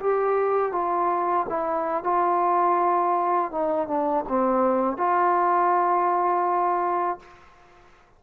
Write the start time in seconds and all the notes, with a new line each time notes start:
0.00 G4
0.72 F4
1.49 E4
2.03 F4
3.52 D#4
3.88 D4
4.28 C4
4.97 F4